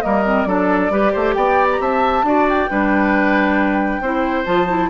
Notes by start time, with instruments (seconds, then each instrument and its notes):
0.00 bassoon G3, clarinet A#3, oboe A#4, flute D#5
0.25 clarinet C4
0.44 bassoon F#3, clarinet D4, oboe A4, flute D5
0.90 bassoon G3, clarinet G4, oboe B4
1.12 bassoon A3, oboe C5
1.33 bassoon B3, oboe D5, flute G5
1.71 flute A#5
1.80 bassoon C4, oboe E5, flute A5
2.22 bassoon D4, clarinet F#4, oboe D5
2.48 flute G5
2.69 bassoon G3, clarinet D4, oboe B4
4.00 bassoon C4, clarinet E4, oboe C5
4.45 bassoon F3, clarinet F4, flute A5
4.68 clarinet E4